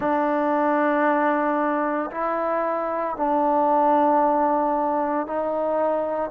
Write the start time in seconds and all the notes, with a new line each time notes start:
0.00 D4
2.11 E4
3.16 D4
5.26 D#4